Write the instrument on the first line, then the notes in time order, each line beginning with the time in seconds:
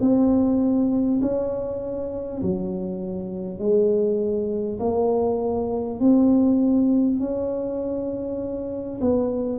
tuba
0.00 C4
1.21 C#4
2.42 F#3
3.58 G#3
4.79 A#3
5.99 C4
7.19 C#4
9.00 B3